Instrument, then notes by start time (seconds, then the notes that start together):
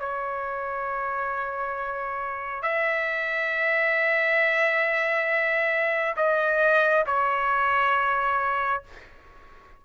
trumpet
0.00 C#5
2.63 E5
6.17 D#5
7.07 C#5